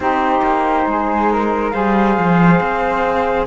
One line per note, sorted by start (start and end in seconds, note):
0.00 0.41 C4
0.00 1.73 D#4
0.00 0.87 G4
0.00 1.70 C5
0.42 0.85 A#3
0.86 1.73 G#3
0.86 1.32 G#4
1.32 1.73 A#4
1.70 2.17 G3
1.70 3.46 G#4
1.70 3.46 C5
1.70 3.44 F5
2.17 2.60 F3
2.60 3.46 C4